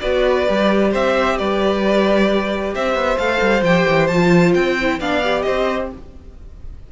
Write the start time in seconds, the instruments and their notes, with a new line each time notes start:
0.00 cello B3, viola F#4, violin B4 D5
0.47 cello G3, viola G4
0.91 cello C4, violin C5 E5
1.38 cello G3, violin B4 D5
2.74 cello C4, violin C5 E5
2.94 cello B3
3.16 cello A3, viola A4, violin F5
3.41 cello G3
3.62 cello F3, viola G4, violin G5
3.88 cello E3
4.07 cello F3, viola F4, violin A5
4.54 cello C4, violin G5
4.81 viola E4
5.00 cello B3, viola D4, violin D5 F5
5.24 viola G4
5.42 cello C4, violin C5 D#5